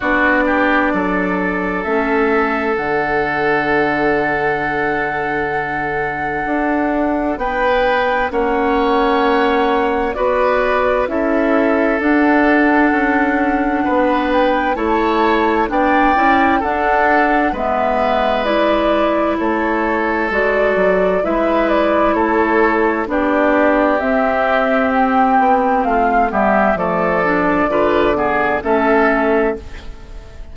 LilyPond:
<<
  \new Staff \with { instrumentName = "flute" } { \time 4/4 \tempo 4 = 65 d''2 e''4 fis''4~ | fis''1 | g''4 fis''2 d''4 | e''4 fis''2~ fis''8 g''8 |
a''4 g''4 fis''4 e''4 | d''4 cis''4 d''4 e''8 d''8 | cis''4 d''4 e''4 g''4 | f''8 e''8 d''2 e''4 | }
  \new Staff \with { instrumentName = "oboe" } { \time 4/4 fis'8 g'8 a'2.~ | a'1 | b'4 cis''2 b'4 | a'2. b'4 |
cis''4 d''4 a'4 b'4~ | b'4 a'2 b'4 | a'4 g'2. | f'8 g'8 a'4 b'8 gis'8 a'4 | }
  \new Staff \with { instrumentName = "clarinet" } { \time 4/4 d'2 cis'4 d'4~ | d'1~ | d'4 cis'2 fis'4 | e'4 d'2. |
e'4 d'8 e'8 d'4 b4 | e'2 fis'4 e'4~ | e'4 d'4 c'2~ | c'8 b8 a8 d'8 f'8 b8 cis'4 | }
  \new Staff \with { instrumentName = "bassoon" } { \time 4/4 b4 fis4 a4 d4~ | d2. d'4 | b4 ais2 b4 | cis'4 d'4 cis'4 b4 |
a4 b8 cis'8 d'4 gis4~ | gis4 a4 gis8 fis8 gis4 | a4 b4 c'4. b8 | a8 g8 f4 d4 a4 | }
>>